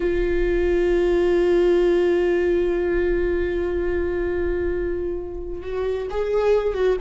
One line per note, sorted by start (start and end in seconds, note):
0.00 5.62 F4
5.62 6.07 F#4
6.10 6.74 G#4
6.74 6.96 F#4